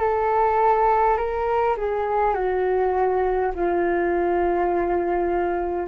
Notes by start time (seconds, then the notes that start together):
0.00 A4
1.17 A#4
1.77 G#4
2.34 F#4
3.55 F4